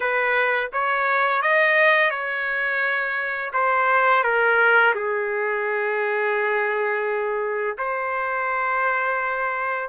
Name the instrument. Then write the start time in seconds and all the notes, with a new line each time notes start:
trumpet
0.00 B4
0.73 C#5
1.41 D#5
2.10 C#5
3.53 C5
4.23 A#4
4.94 G#4
7.77 C5